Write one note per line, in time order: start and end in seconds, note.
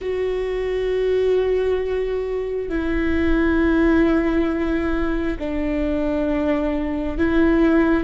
0.01 2.69 F#4
2.69 5.37 E4
5.39 7.18 D4
7.18 8.04 E4